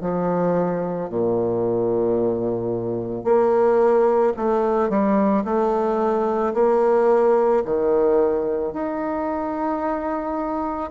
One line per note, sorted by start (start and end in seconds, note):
0.00 1.09 F3
1.09 3.24 A#2
3.24 4.33 A#3
4.36 4.89 A3
4.89 5.43 G3
5.44 6.53 A3
6.54 7.63 A#3
7.65 8.73 D#3
8.73 10.90 D#4